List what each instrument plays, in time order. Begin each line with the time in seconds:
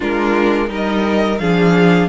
0.00 cello G#3, viola D4, violin F4 A#4
0.67 cello G3, viola D#4, violin A#4
0.74 violin D#5
1.38 cello F3, viola D4, violin G#4 F5